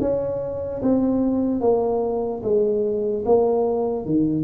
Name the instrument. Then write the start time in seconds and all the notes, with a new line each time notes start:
tuba
0.00 C#4
0.82 C4
1.60 A#3
2.43 G#3
3.25 A#3
4.05 D#3